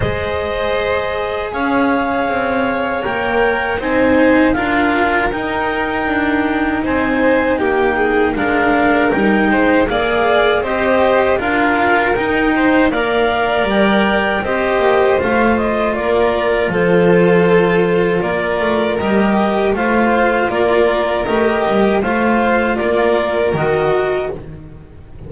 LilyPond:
<<
  \new Staff \with { instrumentName = "clarinet" } { \time 4/4 \tempo 4 = 79 dis''2 f''2 | g''4 gis''4 f''4 g''4~ | g''4 gis''4 g''4 f''4 | g''4 f''4 dis''4 f''4 |
g''4 f''4 g''4 dis''4 | f''8 dis''8 d''4 c''2 | d''4 dis''4 f''4 d''4 | dis''4 f''4 d''4 dis''4 | }
  \new Staff \with { instrumentName = "violin" } { \time 4/4 c''2 cis''2~ | cis''4 c''4 ais'2~ | ais'4 c''4 g'8 gis'8 ais'4~ | ais'8 c''8 d''4 c''4 ais'4~ |
ais'8 c''8 d''2 c''4~ | c''4 ais'4 a'2 | ais'2 c''4 ais'4~ | ais'4 c''4 ais'2 | }
  \new Staff \with { instrumentName = "cello" } { \time 4/4 gis'1 | ais'4 dis'4 f'4 dis'4~ | dis'2. d'4 | dis'4 gis'4 g'4 f'4 |
dis'4 ais'2 g'4 | f'1~ | f'4 g'4 f'2 | g'4 f'2 fis'4 | }
  \new Staff \with { instrumentName = "double bass" } { \time 4/4 gis2 cis'4 c'4 | ais4 c'4 d'4 dis'4 | d'4 c'4 ais4 gis4 | g8 gis8 ais4 c'4 d'4 |
dis'4 ais4 g4 c'8 ais8 | a4 ais4 f2 | ais8 a8 g4 a4 ais4 | a8 g8 a4 ais4 dis4 | }
>>